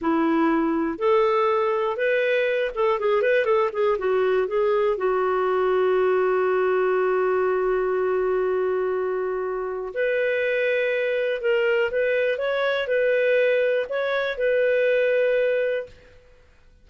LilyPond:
\new Staff \with { instrumentName = "clarinet" } { \time 4/4 \tempo 4 = 121 e'2 a'2 | b'4. a'8 gis'8 b'8 a'8 gis'8 | fis'4 gis'4 fis'2~ | fis'1~ |
fis'1 | b'2. ais'4 | b'4 cis''4 b'2 | cis''4 b'2. | }